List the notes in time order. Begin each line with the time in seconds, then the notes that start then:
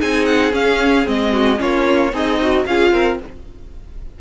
0.00 C4 D#4 G#4 G#5
0.26 F#5
0.52 C#4 F5
1.05 G#3 C4 D#5
1.33 F#4
1.57 A#3 C#4 F4 C#5
2.13 C4 D#4 G#4 D#5
2.42 F#4
2.66 C#4 F4 G#4 F5
2.93 C4 A#4